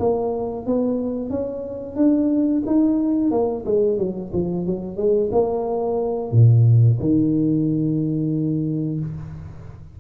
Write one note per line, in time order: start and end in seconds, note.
0.00 0.67 A#3
0.67 1.30 B3
1.30 1.96 C#4
1.96 2.63 D4
2.67 3.32 D#4
3.32 3.65 A#3
3.66 3.98 G#3
3.98 4.32 F#3
4.33 4.66 F3
4.66 4.98 F#3
4.98 5.31 G#3
5.32 6.32 A#3
6.32 6.98 A#2
7.00 9.00 D#3